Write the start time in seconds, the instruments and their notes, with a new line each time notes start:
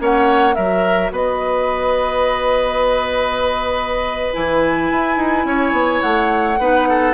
0.00 bassoon A#3, clarinet C#4, oboe C#5, flute F#5
0.55 bassoon F#3, clarinet F#4, oboe A#4, flute E5
1.12 bassoon B3, oboe B4, flute D#5
4.34 bassoon E3, clarinet E4, flute G#5
4.92 bassoon E4
5.17 bassoon D#4
5.45 bassoon C#4, oboe C#5
5.73 bassoon B3
6.02 bassoon A3, flute F#5
6.59 bassoon B3, clarinet D#4, oboe B4
6.89 oboe A4